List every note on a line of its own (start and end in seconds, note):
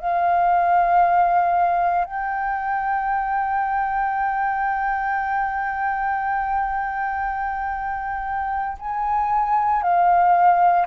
0.00 2.05 F5
2.05 8.77 G5
8.79 9.83 G#5
9.83 10.86 F5